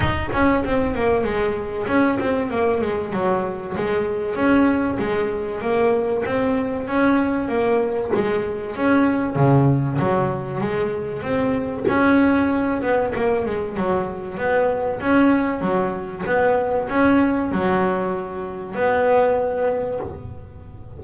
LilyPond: \new Staff \with { instrumentName = "double bass" } { \time 4/4 \tempo 4 = 96 dis'8 cis'8 c'8 ais8 gis4 cis'8 c'8 | ais8 gis8 fis4 gis4 cis'4 | gis4 ais4 c'4 cis'4 | ais4 gis4 cis'4 cis4 |
fis4 gis4 c'4 cis'4~ | cis'8 b8 ais8 gis8 fis4 b4 | cis'4 fis4 b4 cis'4 | fis2 b2 | }